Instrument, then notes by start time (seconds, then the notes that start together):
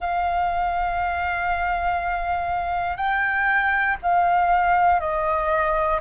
flute
0.00 F5
2.96 G5
4.02 F5
5.00 D#5